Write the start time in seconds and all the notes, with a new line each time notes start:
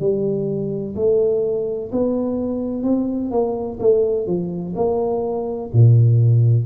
0.00 G3
0.96 A3
1.92 B3
2.84 C4
3.31 A#3
3.80 A3
4.26 F3
4.75 A#3
5.73 A#2